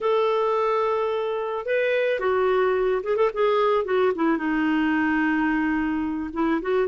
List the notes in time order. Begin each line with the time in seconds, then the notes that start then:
0.00 A4
1.65 B4
2.19 F#4
3.03 G#4
3.16 A4
3.33 G#4
3.85 F#4
4.15 E4
4.37 D#4
6.33 E4
6.61 F#4